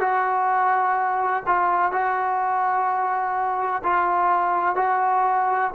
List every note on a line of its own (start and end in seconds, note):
0.00 1.43 F#4
1.47 1.92 F4
1.92 3.83 F#4
3.84 4.76 F4
4.76 5.71 F#4